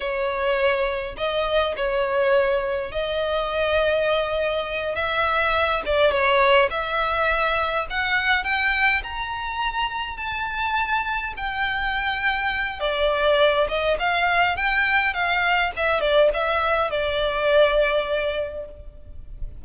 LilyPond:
\new Staff \with { instrumentName = "violin" } { \time 4/4 \tempo 4 = 103 cis''2 dis''4 cis''4~ | cis''4 dis''2.~ | dis''8 e''4. d''8 cis''4 e''8~ | e''4. fis''4 g''4 ais''8~ |
ais''4. a''2 g''8~ | g''2 d''4. dis''8 | f''4 g''4 f''4 e''8 d''8 | e''4 d''2. | }